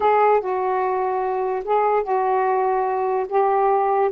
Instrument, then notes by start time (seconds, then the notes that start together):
saxophone
0.00 G#4
0.40 F#4
1.64 G#4
2.03 F#4
3.28 G4